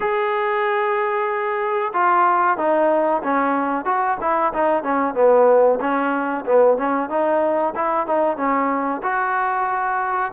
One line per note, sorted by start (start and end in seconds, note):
0.00 1.92 G#4
1.93 2.57 F4
2.57 3.22 D#4
3.23 3.85 C#4
3.85 4.17 F#4
4.20 4.52 E4
4.53 4.83 D#4
4.83 5.14 C#4
5.14 5.79 B3
5.80 6.45 C#4
6.45 6.77 B3
6.77 7.09 C#4
7.09 7.74 D#4
7.75 8.06 E4
8.06 8.37 D#4
8.37 9.01 C#4
9.02 10.31 F#4